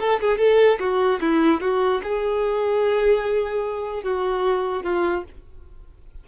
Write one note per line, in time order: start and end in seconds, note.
0.00 0.20 A4
0.20 0.38 G#4
0.38 0.79 A4
0.80 1.20 F#4
1.21 1.61 E4
1.61 2.02 F#4
2.03 4.04 G#4
4.04 4.83 F#4
4.83 5.24 F4